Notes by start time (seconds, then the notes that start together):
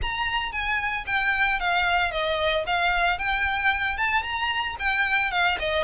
0.02 A#5
0.51 G#5
1.06 G5
1.59 F5
2.11 D#5
2.66 F5
3.18 G5
3.97 A5
4.23 A#5
4.79 G5
5.31 F5
5.59 D#5